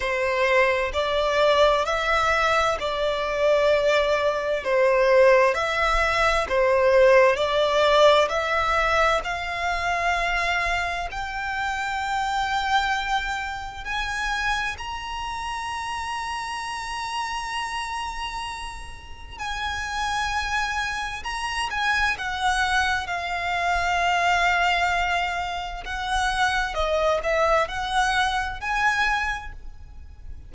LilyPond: \new Staff \with { instrumentName = "violin" } { \time 4/4 \tempo 4 = 65 c''4 d''4 e''4 d''4~ | d''4 c''4 e''4 c''4 | d''4 e''4 f''2 | g''2. gis''4 |
ais''1~ | ais''4 gis''2 ais''8 gis''8 | fis''4 f''2. | fis''4 dis''8 e''8 fis''4 gis''4 | }